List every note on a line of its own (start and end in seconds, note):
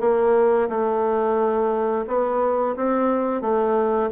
0.00 0.68 A#3
0.68 2.05 A3
2.07 2.75 B3
2.76 3.41 C4
3.41 4.09 A3